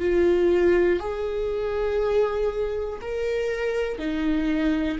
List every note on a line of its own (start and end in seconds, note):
0.00 1.00 F4
1.00 3.00 G#4
3.01 3.99 A#4
3.99 4.99 D#4